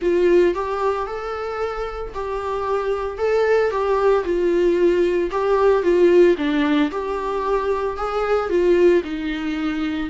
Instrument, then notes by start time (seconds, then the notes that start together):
viola
0.01 F4
0.54 G4
1.06 A4
2.14 G4
3.17 A4
3.70 G4
4.24 F4
5.31 G4
5.82 F4
6.37 D4
6.91 G4
7.97 G#4
8.49 F4
9.04 D#4